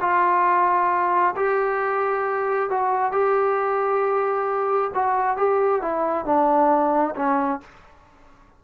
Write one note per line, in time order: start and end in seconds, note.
0.00 1.34 F4
1.36 2.69 G4
2.69 3.12 F#4
3.12 4.91 G4
4.94 5.36 F#4
5.36 5.81 G4
5.81 6.25 E4
6.25 7.14 D4
7.15 7.60 C#4